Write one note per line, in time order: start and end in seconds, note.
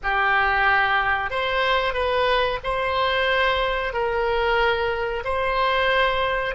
0.03 1.30 G4
1.30 1.93 C5
1.93 2.58 B4
2.63 3.93 C5
3.93 5.24 A#4
5.24 6.55 C5